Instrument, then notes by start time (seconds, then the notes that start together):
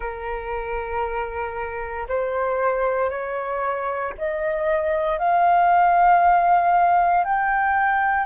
flute
0.00 A#4
2.08 C5
3.09 C#5
4.18 D#5
5.18 F5
7.24 G5